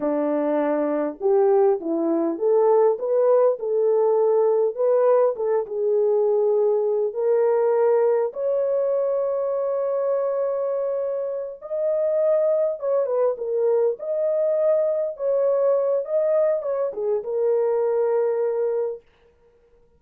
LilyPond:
\new Staff \with { instrumentName = "horn" } { \time 4/4 \tempo 4 = 101 d'2 g'4 e'4 | a'4 b'4 a'2 | b'4 a'8 gis'2~ gis'8 | ais'2 cis''2~ |
cis''2.~ cis''8 dis''8~ | dis''4. cis''8 b'8 ais'4 dis''8~ | dis''4. cis''4. dis''4 | cis''8 gis'8 ais'2. | }